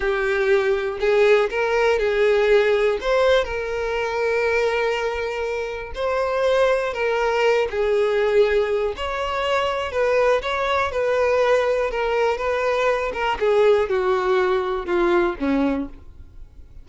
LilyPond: \new Staff \with { instrumentName = "violin" } { \time 4/4 \tempo 4 = 121 g'2 gis'4 ais'4 | gis'2 c''4 ais'4~ | ais'1 | c''2 ais'4. gis'8~ |
gis'2 cis''2 | b'4 cis''4 b'2 | ais'4 b'4. ais'8 gis'4 | fis'2 f'4 cis'4 | }